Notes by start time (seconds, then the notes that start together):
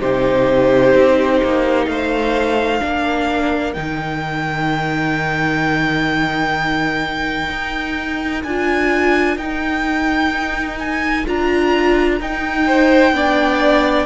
0.00 C3 D#4 G4 C5
0.94 C4
1.44 A#3
1.86 A3 C5 F5
2.80 A#3 D4 A#4
3.73 D#3 D#4 G5
7.50 D#4
8.44 D4 F4 G#5
9.37 D#4 G5
10.79 G#5
11.26 D4 F4 A#5
12.20 D#4 G5
12.67 C5
13.12 B3 D4 D5